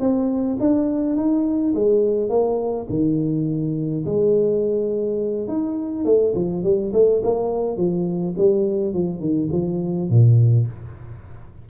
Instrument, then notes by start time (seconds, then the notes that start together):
tuba
0.00 C4
0.60 D4
1.16 D#4
1.75 G#3
2.29 A#3
2.90 D#3
4.05 G#3
5.48 D#4
6.05 A3
6.35 F3
6.63 G3
6.93 A3
7.23 A#3
7.77 F3
8.37 G3
8.93 F3
9.20 D#3
9.52 F3
10.09 A#2